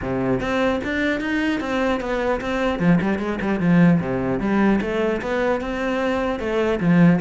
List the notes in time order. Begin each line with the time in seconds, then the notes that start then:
0.01 C3
0.40 C4
0.83 D4
1.20 D#4
1.60 C4
2.00 B3
2.40 C4
2.79 F3
3.01 G3
3.18 G#3
3.41 G3
3.59 F3
4.00 C3
4.40 G3
4.81 A3
5.21 B3
5.61 C4
6.39 A3
6.79 F3